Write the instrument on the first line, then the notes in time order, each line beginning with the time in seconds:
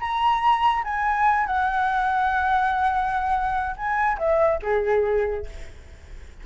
flute
0.00 A#5
0.84 G#5
1.47 F#5
3.76 G#5
4.19 E5
4.63 G#4